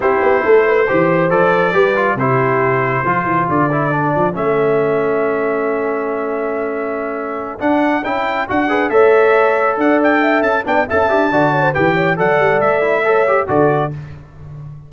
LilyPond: <<
  \new Staff \with { instrumentName = "trumpet" } { \time 4/4 \tempo 4 = 138 c''2. d''4~ | d''4 c''2. | d''2 e''2~ | e''1~ |
e''4. fis''4 g''4 fis''8~ | fis''8 e''2 fis''8 g''4 | a''8 g''8 a''2 g''4 | fis''4 e''2 d''4 | }
  \new Staff \with { instrumentName = "horn" } { \time 4/4 g'4 a'8 b'8 c''2 | b'4 g'2 a'4~ | a'1~ | a'1~ |
a'1 | b'8 cis''2 d''4 e''8~ | e''8 d''8 e''4 d''8 cis''16 c''16 b'8 cis''8 | d''2 cis''4 a'4 | }
  \new Staff \with { instrumentName = "trombone" } { \time 4/4 e'2 g'4 a'4 | g'8 f'8 e'2 f'4~ | f'8 e'8 d'4 cis'2~ | cis'1~ |
cis'4. d'4 e'4 fis'8 | gis'8 a'2.~ a'8~ | a'8 d'8 a'8 g'8 fis'4 g'4 | a'4. e'8 a'8 g'8 fis'4 | }
  \new Staff \with { instrumentName = "tuba" } { \time 4/4 c'8 b8 a4 e4 f4 | g4 c2 f8 e8 | d4. f8 a2~ | a1~ |
a4. d'4 cis'4 d'8~ | d'8 a2 d'4. | cis'8 b8 cis'8 d'8 d4 e4 | fis8 g8 a2 d4 | }
>>